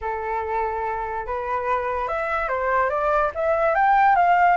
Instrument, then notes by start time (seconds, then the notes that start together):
flute
0.01 A4
1.26 B4
2.07 E5
2.48 C5
2.89 D5
3.34 E5
3.74 G5
4.15 F5